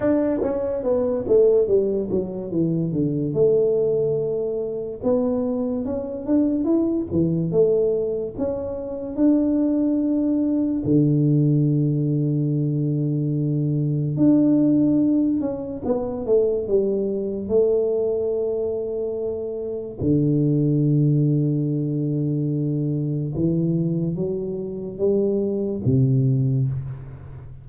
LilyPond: \new Staff \with { instrumentName = "tuba" } { \time 4/4 \tempo 4 = 72 d'8 cis'8 b8 a8 g8 fis8 e8 d8 | a2 b4 cis'8 d'8 | e'8 e8 a4 cis'4 d'4~ | d'4 d2.~ |
d4 d'4. cis'8 b8 a8 | g4 a2. | d1 | e4 fis4 g4 c4 | }